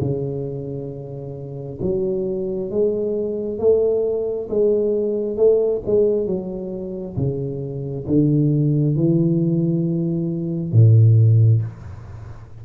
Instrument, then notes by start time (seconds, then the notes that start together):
tuba
0.00 C#3
1.81 F#3
2.70 G#3
3.59 A3
4.49 G#3
5.36 A3
5.86 G#3
6.26 F#3
7.16 C#3
8.06 D3
8.96 E3
10.72 A2